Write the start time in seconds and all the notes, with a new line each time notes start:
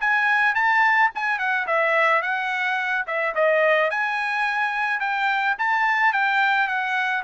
0.00 G#5
0.55 A5
1.14 G#5
1.38 F#5
1.66 E5
2.21 F#5
3.06 E5
3.35 D#5
3.90 G#5
5.00 G5
5.58 A5
6.12 G5
6.67 F#5